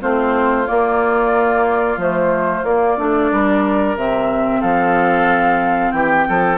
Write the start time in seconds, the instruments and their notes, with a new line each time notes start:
0.00 bassoon A3, clarinet C4, oboe F4, flute C5
0.66 clarinet A#3, bassoon A#3, flute D5
1.97 bassoon F3, clarinet A3, flute C5
2.63 bassoon A#3, clarinet A#3, flute D5
2.97 bassoon A3, clarinet D4
3.31 bassoon G3, oboe A#4
3.95 bassoon C3, clarinet C4, flute E5
4.60 bassoon F3, oboe A4, flute F5
5.91 bassoon E3, oboe G4, flute G5
6.28 bassoon F3, oboe A4